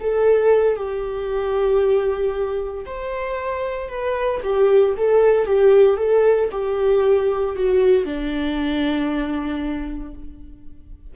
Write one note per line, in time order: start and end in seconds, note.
0.00 0.76 A4
0.76 2.85 G4
2.85 3.88 C5
3.88 4.40 B4
4.43 4.95 G4
4.97 5.46 A4
5.46 5.97 G4
5.97 6.49 A4
6.51 7.55 G4
7.55 8.05 F#4
8.05 10.13 D4